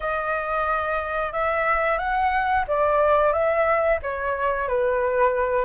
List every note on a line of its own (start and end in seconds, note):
0.00 1.32 D#5
1.32 1.98 E5
1.98 2.65 F#5
2.67 3.32 D5
3.32 3.99 E5
4.02 4.68 C#5
4.68 5.65 B4